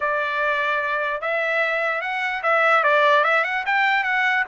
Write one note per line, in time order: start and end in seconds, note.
0.00 1.21 D5
1.21 2.01 E5
2.01 2.41 F#5
2.43 2.83 E5
2.83 3.24 D5
3.24 3.44 E5
3.44 3.64 F#5
3.66 4.03 G5
4.03 4.44 F#5